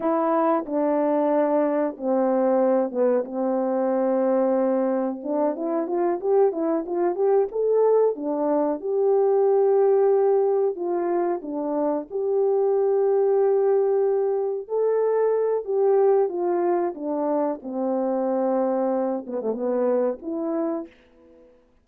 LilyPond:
\new Staff \with { instrumentName = "horn" } { \time 4/4 \tempo 4 = 92 e'4 d'2 c'4~ | c'8 b8 c'2. | d'8 e'8 f'8 g'8 e'8 f'8 g'8 a'8~ | a'8 d'4 g'2~ g'8~ |
g'8 f'4 d'4 g'4.~ | g'2~ g'8 a'4. | g'4 f'4 d'4 c'4~ | c'4. b16 a16 b4 e'4 | }